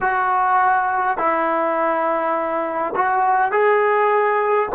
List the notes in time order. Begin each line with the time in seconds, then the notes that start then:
0.00 F#4
1.17 E4
2.95 F#4
3.51 G#4